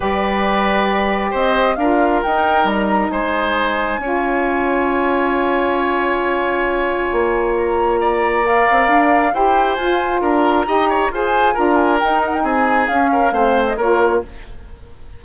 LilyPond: <<
  \new Staff \with { instrumentName = "flute" } { \time 4/4 \tempo 4 = 135 d''2. dis''4 | f''4 g''4 ais''4 gis''4~ | gis''1~ | gis''1~ |
gis''4 ais''2 f''4~ | f''4 g''4 gis''4 ais''4~ | ais''4 gis''4 ais''8 gis''8 g''8 fis''16 g''16 | gis''4 f''4.~ f''16 dis''16 cis''4 | }
  \new Staff \with { instrumentName = "oboe" } { \time 4/4 b'2. c''4 | ais'2. c''4~ | c''4 cis''2.~ | cis''1~ |
cis''2 d''2~ | d''4 c''2 ais'4 | dis''8 cis''8 c''4 ais'2 | gis'4. ais'8 c''4 ais'4 | }
  \new Staff \with { instrumentName = "saxophone" } { \time 4/4 g'1 | f'4 dis'2.~ | dis'4 f'2.~ | f'1~ |
f'2. ais'4~ | ais'4 g'4 f'2 | g'4 gis'4 f'4 dis'4~ | dis'4 cis'4 c'4 f'4 | }
  \new Staff \with { instrumentName = "bassoon" } { \time 4/4 g2. c'4 | d'4 dis'4 g4 gis4~ | gis4 cis'2.~ | cis'1 |
ais2.~ ais8 c'8 | d'4 e'4 f'4 d'4 | dis'4 f'4 d'4 dis'4 | c'4 cis'4 a4 ais4 | }
>>